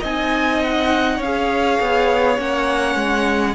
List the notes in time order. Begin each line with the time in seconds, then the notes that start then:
0.00 C4 D#4 D#5 G#5
0.63 F#5
1.16 C#4 C#5 F5
1.24 G#4
1.81 B3
2.37 A#3 C#4 F#5
2.96 G#3